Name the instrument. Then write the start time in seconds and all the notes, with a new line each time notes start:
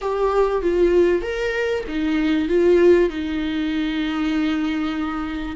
viola
0.01 G4
0.62 F4
1.22 A#4
1.88 D#4
2.48 F4
3.09 D#4